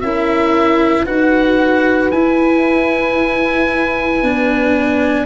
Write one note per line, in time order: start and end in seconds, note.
0.00 1.07 C#4
0.00 1.05 E4
0.00 1.04 A#4
0.00 1.05 E5
1.04 2.12 D#4
1.04 2.11 F#4
1.04 5.25 B4
1.04 2.10 F#5
2.10 4.22 E4
2.10 4.23 E4
2.10 5.25 G#5
4.22 5.25 B3
4.22 5.25 D4